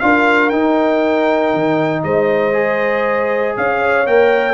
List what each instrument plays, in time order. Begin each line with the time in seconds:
0.00 tuba D4, trombone F4, horn A#4, trumpet F5
0.50 trombone D#4, tuba D#4, trumpet G5
1.54 tuba D#3
2.04 tuba G#3, horn C5, trumpet D#5
2.53 trombone G#4
3.57 tuba C#4, horn C#5, trumpet F5
4.07 tuba A#3, trombone A#4, trumpet G5